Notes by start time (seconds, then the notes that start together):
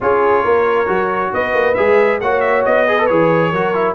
0.00 C#4 F4 G#4 C#5
0.43 A#3 A#4
0.86 F#3 F#4
1.33 B3 B4 D#5
1.54 A#3
1.74 G#3 G#4 E5
2.20 A#3 F#4 C#5 F#5
2.40 E5
2.65 B3 D#5
2.87 G#4 B4
2.98 A4
3.06 E3 G#4 C#5
3.50 F#3 F#4 A#4
3.74 E4